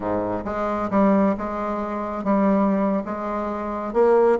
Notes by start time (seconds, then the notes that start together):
0.00 G#2
0.44 G#3
0.90 G3
1.37 G#3
2.23 G3
3.05 G#3
3.93 A#3